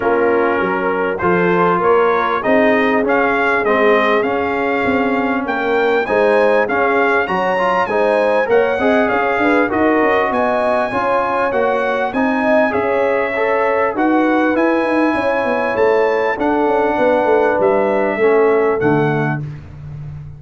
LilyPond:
<<
  \new Staff \with { instrumentName = "trumpet" } { \time 4/4 \tempo 4 = 99 ais'2 c''4 cis''4 | dis''4 f''4 dis''4 f''4~ | f''4 g''4 gis''4 f''4 | ais''4 gis''4 fis''4 f''4 |
dis''4 gis''2 fis''4 | gis''4 e''2 fis''4 | gis''2 a''4 fis''4~ | fis''4 e''2 fis''4 | }
  \new Staff \with { instrumentName = "horn" } { \time 4/4 f'4 ais'4 a'4 ais'4 | gis'1~ | gis'4 ais'4 c''4 gis'4 | cis''4 c''4 cis''8 dis''8 cis''8 b'8 |
ais'4 dis''4 cis''2 | dis''4 cis''2 b'4~ | b'4 cis''2 a'4 | b'2 a'2 | }
  \new Staff \with { instrumentName = "trombone" } { \time 4/4 cis'2 f'2 | dis'4 cis'4 c'4 cis'4~ | cis'2 dis'4 cis'4 | fis'8 f'8 dis'4 ais'8 gis'4. |
fis'2 f'4 fis'4 | dis'4 gis'4 a'4 fis'4 | e'2. d'4~ | d'2 cis'4 a4 | }
  \new Staff \with { instrumentName = "tuba" } { \time 4/4 ais4 fis4 f4 ais4 | c'4 cis'4 gis4 cis'4 | c'4 ais4 gis4 cis'4 | fis4 gis4 ais8 c'8 cis'8 d'8 |
dis'8 cis'8 b4 cis'4 ais4 | c'4 cis'2 dis'4 | e'8 dis'8 cis'8 b8 a4 d'8 cis'8 | b8 a8 g4 a4 d4 | }
>>